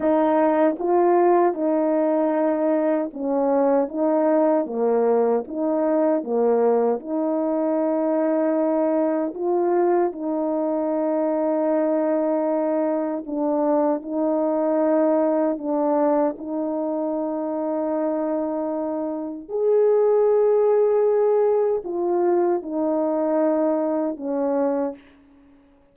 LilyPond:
\new Staff \with { instrumentName = "horn" } { \time 4/4 \tempo 4 = 77 dis'4 f'4 dis'2 | cis'4 dis'4 ais4 dis'4 | ais4 dis'2. | f'4 dis'2.~ |
dis'4 d'4 dis'2 | d'4 dis'2.~ | dis'4 gis'2. | f'4 dis'2 cis'4 | }